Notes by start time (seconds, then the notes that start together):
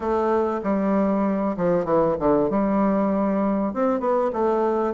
0.00 A3
0.63 G3
1.57 F3
1.84 E3
2.19 D3
2.50 G3
3.73 C4
4.00 B3
4.32 A3